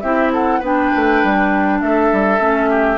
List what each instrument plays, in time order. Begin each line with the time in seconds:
0.00 bassoon C4, clarinet E4, oboe G4, flute E5
0.32 oboe A4, flute F#5
0.59 bassoon B3, clarinet D4, oboe B4, flute G5
0.95 bassoon A3
1.23 bassoon G3
1.80 bassoon A3, oboe A4, flute E5
2.12 bassoon G3
2.39 bassoon A3, clarinet C#4
2.69 oboe G4